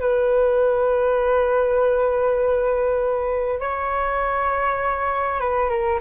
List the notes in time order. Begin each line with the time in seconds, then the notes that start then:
0.00 B4
3.59 C#5
5.40 B4
5.69 A#4